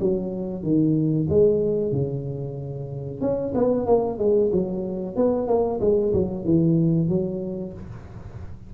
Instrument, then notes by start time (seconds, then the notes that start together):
tuba
0.00 F#3
0.63 D#3
1.29 G#3
1.92 C#3
3.21 C#4
3.55 B3
3.86 A#3
4.19 G#3
4.52 F#3
5.16 B3
5.48 A#3
5.81 G#3
6.13 F#3
6.45 E3
7.09 F#3